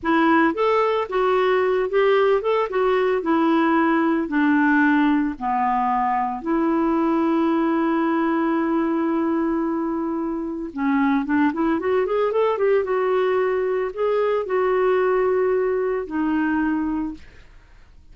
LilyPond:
\new Staff \with { instrumentName = "clarinet" } { \time 4/4 \tempo 4 = 112 e'4 a'4 fis'4. g'8~ | g'8 a'8 fis'4 e'2 | d'2 b2 | e'1~ |
e'1 | cis'4 d'8 e'8 fis'8 gis'8 a'8 g'8 | fis'2 gis'4 fis'4~ | fis'2 dis'2 | }